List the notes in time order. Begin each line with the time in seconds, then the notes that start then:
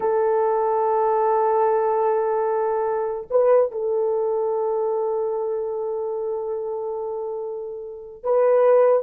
0.00 A4
3.30 B4
3.71 A4
8.23 B4